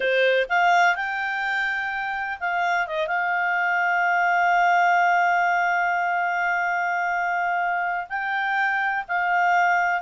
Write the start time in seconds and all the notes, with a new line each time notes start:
0.00 C5
0.49 F5
0.95 G5
2.39 F5
2.87 D#5
3.07 F5
8.09 G5
9.08 F5